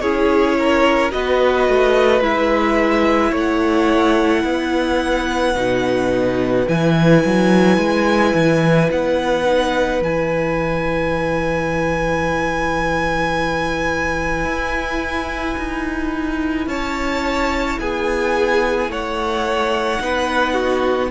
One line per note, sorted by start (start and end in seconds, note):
0.00 1.12 C#4
0.00 1.11 E4
0.00 0.57 G#4
0.00 1.11 C#5
0.58 1.13 A#4
1.11 1.68 B3
1.11 2.22 F#4
1.11 3.31 B4
1.11 2.23 D#5
1.68 2.21 A3
2.21 3.32 G#3
2.21 5.55 E4
2.21 3.34 E5
3.31 4.43 A3
3.31 4.42 C#5
3.37 6.68 F#5
4.43 5.54 B3
4.43 16.69 B4
5.55 6.66 B2
5.55 6.66 D#4
6.67 7.24 E3
6.67 9.45 E4
6.67 8.90 G#5
7.25 7.78 F#3
7.78 8.33 G#3
8.34 8.90 E3
8.91 10.01 B3
8.91 10.03 F#5
9.45 10.01 D#4
10.01 14.44 E3
10.01 19.98 E4
10.01 16.68 G#5
14.44 15.56 E4
15.57 16.66 D#4
16.66 17.77 C#4
16.66 17.80 C#5
16.66 17.79 A5
17.79 18.88 B3
17.79 18.91 G#4
17.79 18.91 G#5
18.88 20.00 A3
18.88 20.02 C#5
18.88 21.11 F#5
19.98 21.11 B3
19.98 21.09 D#4
19.98 20.53 B4
20.53 21.09 F#4